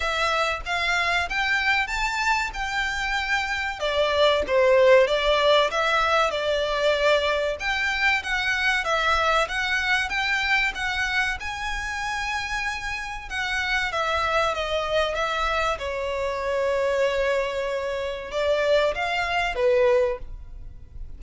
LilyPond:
\new Staff \with { instrumentName = "violin" } { \time 4/4 \tempo 4 = 95 e''4 f''4 g''4 a''4 | g''2 d''4 c''4 | d''4 e''4 d''2 | g''4 fis''4 e''4 fis''4 |
g''4 fis''4 gis''2~ | gis''4 fis''4 e''4 dis''4 | e''4 cis''2.~ | cis''4 d''4 f''4 b'4 | }